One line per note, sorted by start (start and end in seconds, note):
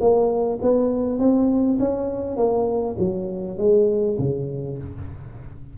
0.00 0.59 A#3
0.62 1.19 B3
1.19 1.78 C4
1.79 2.36 C#4
2.36 2.96 A#3
2.98 3.58 F#3
3.58 4.17 G#3
4.19 4.78 C#3